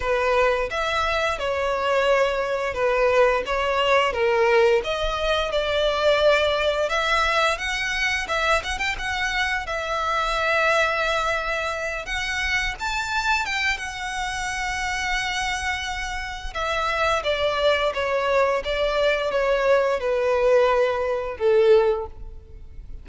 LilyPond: \new Staff \with { instrumentName = "violin" } { \time 4/4 \tempo 4 = 87 b'4 e''4 cis''2 | b'4 cis''4 ais'4 dis''4 | d''2 e''4 fis''4 | e''8 fis''16 g''16 fis''4 e''2~ |
e''4. fis''4 a''4 g''8 | fis''1 | e''4 d''4 cis''4 d''4 | cis''4 b'2 a'4 | }